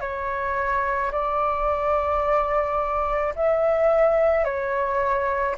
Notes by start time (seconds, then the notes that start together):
0.00 C#5
1.12 D5
3.35 E5
4.44 C#5